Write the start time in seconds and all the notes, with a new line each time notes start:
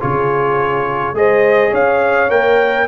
0.00 C#3 F4 G#4 C#5
1.12 G#3 G#4 C5 D#5
1.70 C#4 C#5 F5
2.29 A#3 A#4 G5